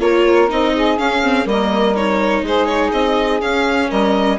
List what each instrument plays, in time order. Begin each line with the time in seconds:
0.00 bassoon A#3, viola F4, saxophone A#4, violin C#5
0.49 bassoon C4, viola D#4, violin D#5
0.75 saxophone G#4
0.99 bassoon C#4, viola C#4, violin F5
1.23 viola C4
1.46 bassoon G3, viola A#3, saxophone A#4, violin D#5
1.96 viola D#4, violin C#5
2.43 bassoon G#3, saxophone G#4, violin C5
2.67 violin C#5
2.92 bassoon C4, violin D#5
3.42 viola C#4, bassoon C#4, violin F5
3.89 bassoon G3, saxophone A#4, violin D#5